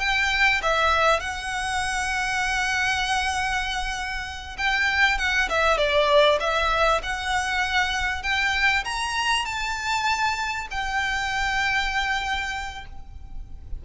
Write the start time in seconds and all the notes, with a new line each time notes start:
0.00 G5
0.62 E5
1.20 F#5
4.58 G5
5.18 F#5
5.49 E5
5.78 D5
6.40 E5
7.03 F#5
8.23 G5
8.85 A#5
9.45 A5
10.71 G5